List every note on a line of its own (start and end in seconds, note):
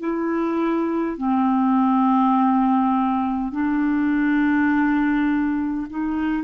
0.00 1.18 E4
1.18 3.52 C4
3.52 5.88 D4
5.90 6.44 D#4